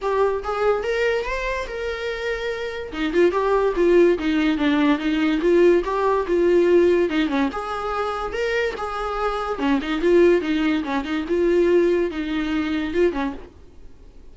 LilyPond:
\new Staff \with { instrumentName = "viola" } { \time 4/4 \tempo 4 = 144 g'4 gis'4 ais'4 c''4 | ais'2. dis'8 f'8 | g'4 f'4 dis'4 d'4 | dis'4 f'4 g'4 f'4~ |
f'4 dis'8 cis'8 gis'2 | ais'4 gis'2 cis'8 dis'8 | f'4 dis'4 cis'8 dis'8 f'4~ | f'4 dis'2 f'8 cis'8 | }